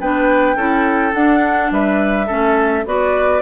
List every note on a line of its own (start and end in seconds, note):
0.00 0.56 B3
0.00 0.57 D4
0.00 0.56 B4
0.00 1.14 G5
0.56 1.13 C#4
0.56 1.12 E4
0.56 1.71 A4
1.12 2.27 D4
1.12 1.71 D4
1.12 1.71 F#5
1.71 2.28 G3
1.71 2.27 B4
1.71 2.87 E5
2.27 2.86 A3
2.27 2.85 C#4
2.27 2.84 A4
2.86 3.42 B3
2.86 3.42 F#4
2.86 3.42 B4
2.86 3.42 D5